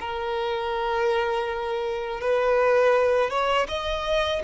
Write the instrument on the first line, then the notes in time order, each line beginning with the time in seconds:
violin
0.00 A#4
2.21 B4
3.30 C#5
3.68 D#5